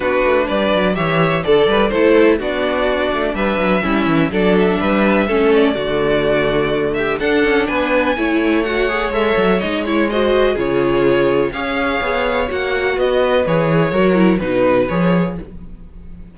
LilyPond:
<<
  \new Staff \with { instrumentName = "violin" } { \time 4/4 \tempo 4 = 125 b'4 d''4 e''4 a'8 b'8 | c''4 d''2 e''4~ | e''4 d''8 e''2 d''8~ | d''2~ d''8 e''8 fis''4 |
gis''2 fis''4 e''4 | dis''8 cis''8 dis''4 cis''2 | f''2 fis''4 dis''4 | cis''2 b'4 cis''4 | }
  \new Staff \with { instrumentName = "violin" } { \time 4/4 fis'4 b'4 cis''4 d''4 | a'4 fis'2 b'4 | e'4 a'4 b'4 a'4 | fis'2~ fis'8 g'8 a'4 |
b'4 cis''2.~ | cis''4 c''4 gis'2 | cis''2. b'4~ | b'4 ais'4 b'2 | }
  \new Staff \with { instrumentName = "viola" } { \time 4/4 d'2 g'4 a'4 | e'4 d'2. | cis'4 d'2 cis'4 | a2. d'4~ |
d'4 e'4 fis'8 gis'8 a'4 | dis'8 e'8 fis'4 f'2 | gis'2 fis'2 | gis'4 fis'8 e'8 dis'4 gis'4 | }
  \new Staff \with { instrumentName = "cello" } { \time 4/4 b8 a8 g8 fis8 e4 d8 g8 | a4 b4. a8 g8 fis8 | g8 e8 fis4 g4 a4 | d2. d'8 cis'8 |
b4 a2 gis8 fis8 | gis2 cis2 | cis'4 b4 ais4 b4 | e4 fis4 b,4 f4 | }
>>